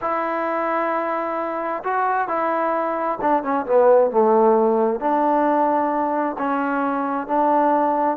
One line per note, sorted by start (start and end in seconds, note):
0.01 1.83 E4
1.83 2.27 F#4
2.27 3.18 E4
3.21 3.43 D4
3.43 3.65 C#4
3.65 4.10 B3
4.10 5.00 A3
5.00 6.36 D4
6.38 7.27 C#4
7.27 8.17 D4